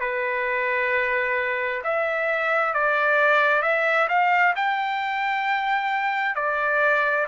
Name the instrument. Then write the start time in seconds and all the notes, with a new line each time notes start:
trumpet
0.00 B4
1.83 E5
2.74 D5
3.62 E5
4.08 F5
4.55 G5
6.35 D5